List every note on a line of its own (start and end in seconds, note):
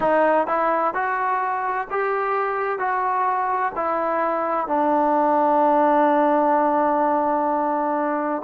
0.00 0.47 D#4
0.47 0.94 E4
0.94 1.87 F#4
1.90 2.78 G4
2.78 3.72 F#4
3.75 4.67 E4
4.67 8.42 D4